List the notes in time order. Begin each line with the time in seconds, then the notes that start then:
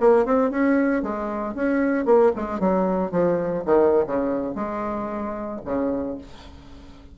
0.00 A#3
0.25 C4
0.51 C#4
1.02 G#3
1.55 C#4
2.05 A#3
2.36 G#3
2.60 F#3
3.11 F3
3.65 D#3
4.07 C#3
4.55 G#3
5.65 C#3